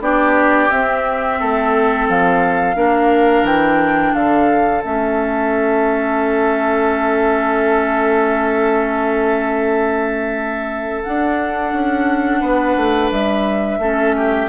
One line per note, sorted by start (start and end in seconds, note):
0.00 0.69 B3
0.00 0.70 D4
0.00 1.40 G4
0.00 0.70 D5
0.70 2.75 C4
0.70 1.41 C4
0.70 2.07 E5
1.40 2.09 A3
1.40 2.76 A4
2.09 2.75 F3
2.09 3.46 F5
2.75 3.43 A#3
2.75 4.82 D4
2.75 4.14 A#4
3.43 4.12 E3
3.43 4.14 G5
4.14 4.83 D3
4.14 12.41 A4
4.14 4.83 F5
4.83 11.05 A3
4.83 11.04 C#4
4.83 11.03 E5
11.03 13.80 D4
11.03 11.73 D4
11.03 13.10 F#5
11.73 12.42 C#4
12.41 12.76 B3
12.41 13.78 B4
12.76 13.11 A3
13.11 13.78 G3
13.11 14.49 E5
13.78 14.47 A3
13.78 14.49 C#4
13.78 14.16 A4
14.16 14.49 G4